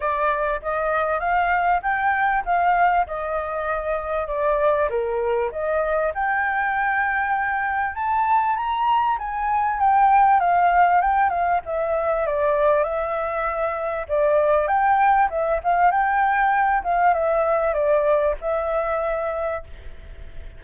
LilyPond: \new Staff \with { instrumentName = "flute" } { \time 4/4 \tempo 4 = 98 d''4 dis''4 f''4 g''4 | f''4 dis''2 d''4 | ais'4 dis''4 g''2~ | g''4 a''4 ais''4 gis''4 |
g''4 f''4 g''8 f''8 e''4 | d''4 e''2 d''4 | g''4 e''8 f''8 g''4. f''8 | e''4 d''4 e''2 | }